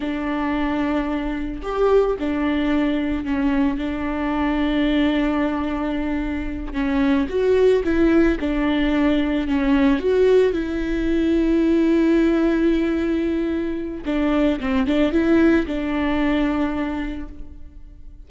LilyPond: \new Staff \with { instrumentName = "viola" } { \time 4/4 \tempo 4 = 111 d'2. g'4 | d'2 cis'4 d'4~ | d'1~ | d'8 cis'4 fis'4 e'4 d'8~ |
d'4. cis'4 fis'4 e'8~ | e'1~ | e'2 d'4 c'8 d'8 | e'4 d'2. | }